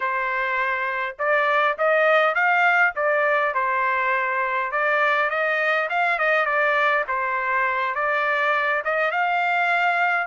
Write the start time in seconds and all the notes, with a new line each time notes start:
0.00 C5
1.18 D5
1.78 D#5
2.34 F5
2.95 D5
3.54 C5
4.71 D5
5.30 D#5
5.89 F5
6.18 D#5
6.45 D5
7.07 C5
7.94 D5
8.84 D#5
9.11 F5